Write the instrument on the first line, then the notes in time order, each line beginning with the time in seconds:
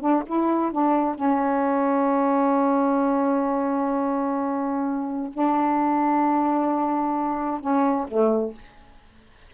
saxophone
0.00 D4
0.26 E4
0.72 D4
1.15 C#4
5.33 D4
7.60 C#4
8.08 A3